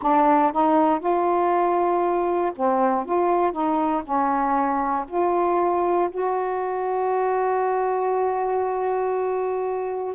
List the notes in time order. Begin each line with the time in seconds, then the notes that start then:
0.02 D4
0.52 D#4
0.99 F4
2.55 C4
3.05 F4
3.52 D#4
4.04 C#4
5.08 F4
6.11 F#4